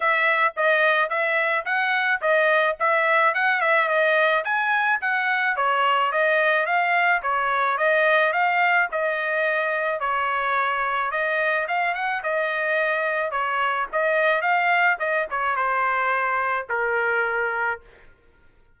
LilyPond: \new Staff \with { instrumentName = "trumpet" } { \time 4/4 \tempo 4 = 108 e''4 dis''4 e''4 fis''4 | dis''4 e''4 fis''8 e''8 dis''4 | gis''4 fis''4 cis''4 dis''4 | f''4 cis''4 dis''4 f''4 |
dis''2 cis''2 | dis''4 f''8 fis''8 dis''2 | cis''4 dis''4 f''4 dis''8 cis''8 | c''2 ais'2 | }